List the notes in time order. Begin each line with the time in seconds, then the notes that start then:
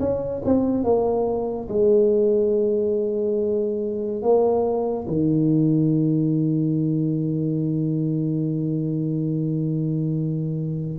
0.00 C#4
0.45 C4
0.84 A#3
1.69 G#3
4.23 A#3
5.08 D#3